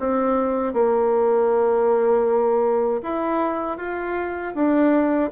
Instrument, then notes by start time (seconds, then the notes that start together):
bassoon
0.00 C4
0.74 A#3
3.03 E4
3.78 F4
4.55 D4